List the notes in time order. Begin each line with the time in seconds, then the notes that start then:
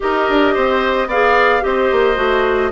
0.00 D#4 G4 A#4 D#5
0.29 D4
0.54 C4 C5
1.06 B3 G#4 D5 F5
1.60 C4 G4 C5 D#5
1.91 A#3
2.15 A3 F#4